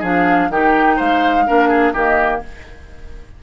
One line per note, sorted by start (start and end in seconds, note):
0.00 0.50 F3
0.00 0.51 D4
0.00 0.48 G#4
0.00 0.51 F5
0.50 0.98 D#3
0.50 1.47 D#4
0.50 0.97 G4
0.50 0.99 G5
0.97 1.48 G#3
0.97 1.44 C5
0.97 1.94 F5
1.47 1.94 A#3
1.47 1.95 D4
1.47 1.69 A#4
1.69 1.93 G#4
1.94 2.41 D#3
1.94 2.43 A#3
1.94 2.41 G4
1.94 2.41 D#5